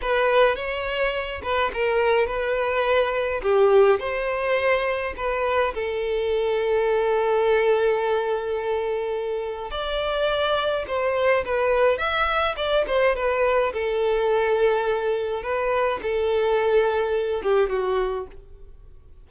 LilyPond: \new Staff \with { instrumentName = "violin" } { \time 4/4 \tempo 4 = 105 b'4 cis''4. b'8 ais'4 | b'2 g'4 c''4~ | c''4 b'4 a'2~ | a'1~ |
a'4 d''2 c''4 | b'4 e''4 d''8 c''8 b'4 | a'2. b'4 | a'2~ a'8 g'8 fis'4 | }